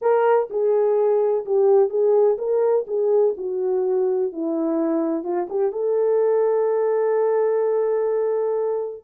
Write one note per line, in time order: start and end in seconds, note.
0.01 0.49 A#4
0.50 1.45 G#4
1.45 1.89 G4
1.89 2.37 G#4
2.38 2.85 A#4
2.87 3.34 G#4
3.37 4.32 F#4
4.32 5.23 E4
5.23 5.47 F4
5.49 5.72 G4
5.72 9.04 A4